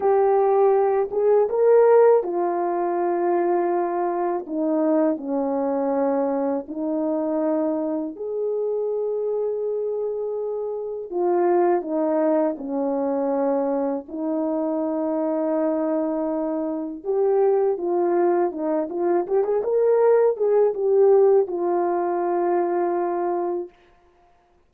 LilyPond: \new Staff \with { instrumentName = "horn" } { \time 4/4 \tempo 4 = 81 g'4. gis'8 ais'4 f'4~ | f'2 dis'4 cis'4~ | cis'4 dis'2 gis'4~ | gis'2. f'4 |
dis'4 cis'2 dis'4~ | dis'2. g'4 | f'4 dis'8 f'8 g'16 gis'16 ais'4 gis'8 | g'4 f'2. | }